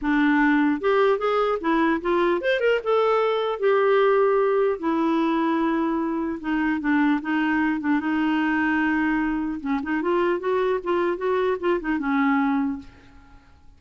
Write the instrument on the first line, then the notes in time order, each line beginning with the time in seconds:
clarinet
0.01 D4
0.80 G4
1.18 G#4
1.60 E4
2.01 F4
2.41 C5
2.59 A#4
2.83 A4
3.59 G4
4.79 E4
6.40 D#4
6.80 D4
7.21 D#4
7.80 D4
8.00 D#4
9.60 C#4
9.82 D#4
10.02 F4
10.39 F#4
10.83 F4
11.17 F#4
11.59 F4
11.80 D#4
11.99 C#4